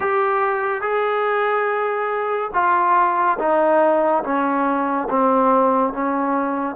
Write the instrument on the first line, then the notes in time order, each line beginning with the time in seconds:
trombone
0.00 G4
0.81 G#4
2.53 F4
3.38 D#4
4.23 C#4
5.09 C4
5.93 C#4